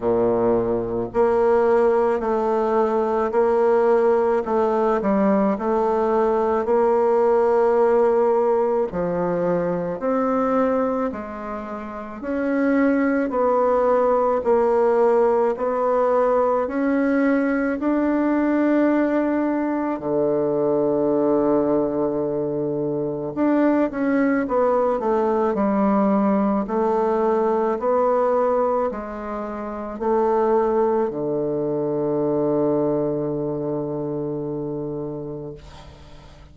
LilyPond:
\new Staff \with { instrumentName = "bassoon" } { \time 4/4 \tempo 4 = 54 ais,4 ais4 a4 ais4 | a8 g8 a4 ais2 | f4 c'4 gis4 cis'4 | b4 ais4 b4 cis'4 |
d'2 d2~ | d4 d'8 cis'8 b8 a8 g4 | a4 b4 gis4 a4 | d1 | }